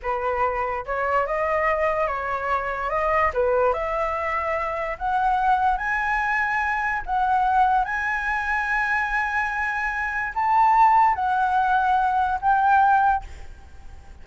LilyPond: \new Staff \with { instrumentName = "flute" } { \time 4/4 \tempo 4 = 145 b'2 cis''4 dis''4~ | dis''4 cis''2 dis''4 | b'4 e''2. | fis''2 gis''2~ |
gis''4 fis''2 gis''4~ | gis''1~ | gis''4 a''2 fis''4~ | fis''2 g''2 | }